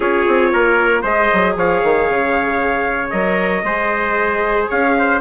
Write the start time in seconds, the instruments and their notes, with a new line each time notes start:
0.00 bassoon C#4, viola F4, trumpet G#4 C#5
0.27 bassoon C4
0.52 bassoon A#3, trumpet A#4
1.01 bassoon G#3, viola G#4, trumpet C5 D#5
1.33 bassoon F#3
1.56 bassoon F3, trumpet C#5 F5
1.83 bassoon D#3
2.08 bassoon C#3
3.10 bassoon F#3, viola A#4, trumpet D#5
3.63 bassoon G#3, viola G#4, trumpet C5
4.68 bassoon C#4, trumpet C#5 F5
4.98 trumpet C5